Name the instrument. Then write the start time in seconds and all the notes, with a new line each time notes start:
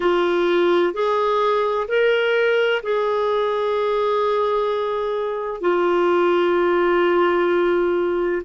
clarinet
0.00 F4
0.93 G#4
1.87 A#4
2.82 G#4
5.60 F4